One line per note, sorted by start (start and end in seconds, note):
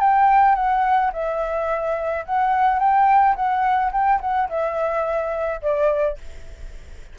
0.00 0.55 G5
0.55 1.11 F#5
1.13 2.25 E5
2.26 2.79 F#5
2.79 3.35 G5
3.36 3.92 F#5
3.92 4.20 G5
4.21 4.49 F#5
4.49 5.61 E5
5.62 6.18 D5